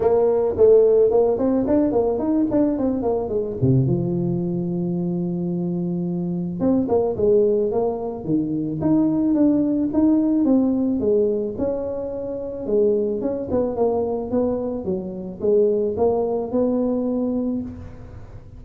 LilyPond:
\new Staff \with { instrumentName = "tuba" } { \time 4/4 \tempo 4 = 109 ais4 a4 ais8 c'8 d'8 ais8 | dis'8 d'8 c'8 ais8 gis8 c8 f4~ | f1 | c'8 ais8 gis4 ais4 dis4 |
dis'4 d'4 dis'4 c'4 | gis4 cis'2 gis4 | cis'8 b8 ais4 b4 fis4 | gis4 ais4 b2 | }